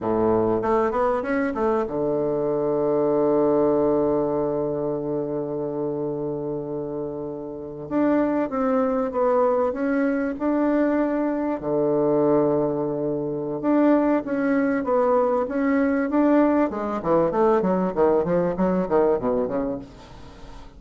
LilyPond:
\new Staff \with { instrumentName = "bassoon" } { \time 4/4 \tempo 4 = 97 a,4 a8 b8 cis'8 a8 d4~ | d1~ | d1~ | d8. d'4 c'4 b4 cis'16~ |
cis'8. d'2 d4~ d16~ | d2 d'4 cis'4 | b4 cis'4 d'4 gis8 e8 | a8 fis8 dis8 f8 fis8 dis8 b,8 cis8 | }